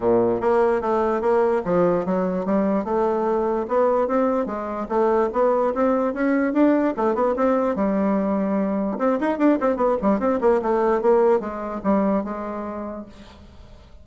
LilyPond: \new Staff \with { instrumentName = "bassoon" } { \time 4/4 \tempo 4 = 147 ais,4 ais4 a4 ais4 | f4 fis4 g4 a4~ | a4 b4 c'4 gis4 | a4 b4 c'4 cis'4 |
d'4 a8 b8 c'4 g4~ | g2 c'8 dis'8 d'8 c'8 | b8 g8 c'8 ais8 a4 ais4 | gis4 g4 gis2 | }